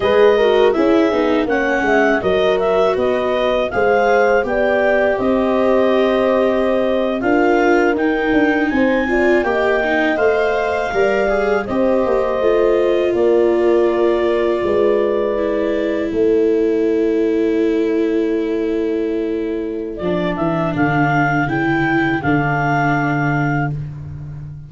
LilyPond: <<
  \new Staff \with { instrumentName = "clarinet" } { \time 4/4 \tempo 4 = 81 dis''4 e''4 fis''4 dis''8 e''8 | dis''4 f''4 g''4 dis''4~ | dis''4.~ dis''16 f''4 g''4 gis''16~ | gis''8. g''4 f''2 dis''16~ |
dis''4.~ dis''16 d''2~ d''16~ | d''4.~ d''16 cis''2~ cis''16~ | cis''2. d''8 e''8 | f''4 g''4 f''2 | }
  \new Staff \with { instrumentName = "horn" } { \time 4/4 b'8 ais'8 gis'4 cis''8 e''8 ais'4 | b'4 c''4 d''4 c''4~ | c''4.~ c''16 ais'2 c''16~ | c''16 d''8 dis''2 d''4 c''16~ |
c''4.~ c''16 ais'2 b'16~ | b'4.~ b'16 a'2~ a'16~ | a'1~ | a'1 | }
  \new Staff \with { instrumentName = "viola" } { \time 4/4 gis'8 fis'8 e'8 dis'8 cis'4 fis'4~ | fis'4 gis'4 g'2~ | g'4.~ g'16 f'4 dis'4~ dis'16~ | dis'16 f'8 g'8 dis'8 c''4 ais'8 gis'8 g'16~ |
g'8. f'2.~ f'16~ | f'8. e'2.~ e'16~ | e'2. d'4~ | d'4 e'4 d'2 | }
  \new Staff \with { instrumentName = "tuba" } { \time 4/4 gis4 cis'8 b8 ais8 gis8 fis4 | b4 gis4 b4 c'4~ | c'4.~ c'16 d'4 dis'8 d'8 c'16~ | c'8. ais4 a4 g4 c'16~ |
c'16 ais8 a4 ais2 gis16~ | gis4.~ gis16 a2~ a16~ | a2. f8 e8 | d4 cis4 d2 | }
>>